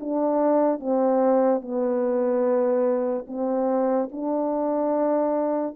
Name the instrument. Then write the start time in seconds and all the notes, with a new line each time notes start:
horn
0.00 D4
0.80 C4
1.61 B3
3.27 C4
4.12 D4